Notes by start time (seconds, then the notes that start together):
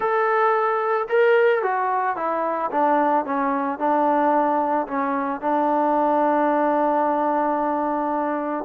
0.00 A4
1.08 A#4
1.62 F#4
2.16 E4
2.71 D4
3.25 C#4
3.78 D4
4.87 C#4
5.40 D4